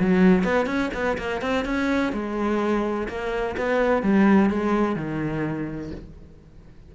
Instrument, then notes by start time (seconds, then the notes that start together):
cello
0.00 F#3
0.44 B3
0.67 C#4
0.94 B3
1.18 A#3
1.42 C4
1.65 C#4
2.13 G#3
3.08 A#3
3.57 B3
4.03 G3
4.50 G#3
4.96 D#3